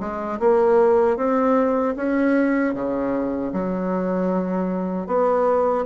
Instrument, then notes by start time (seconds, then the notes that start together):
bassoon
0.00 G#3
0.39 A#3
1.17 C4
1.96 C#4
2.74 C#3
3.53 F#3
5.06 B3